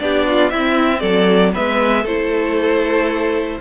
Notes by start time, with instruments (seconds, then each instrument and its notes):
0.00 cello B3, viola D4, violin G4 D5
0.27 violin F4
0.50 viola C4, cello C4, violin E4 E5
1.00 cello F#3, violin A4 D5
1.53 cello G#3, viola B3, violin B4 E5
2.03 cello A3, viola E4, violin A4 C5